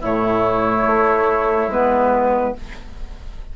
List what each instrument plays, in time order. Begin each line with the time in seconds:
0.00 bassoon A2, clarinet A3, oboe E4, flute C#5
0.86 bassoon A3
1.68 bassoon G#3, clarinet B3, flute B4